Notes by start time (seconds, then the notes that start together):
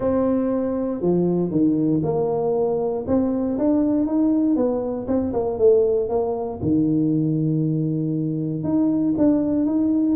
0.00 C4
1.01 F3
1.50 D#3
2.03 A#3
3.07 C4
3.58 D4
4.06 D#4
4.56 B3
5.07 C4
5.33 A#3
5.58 A3
6.09 A#3
6.62 D#3
8.63 D#4
9.17 D4
9.65 D#4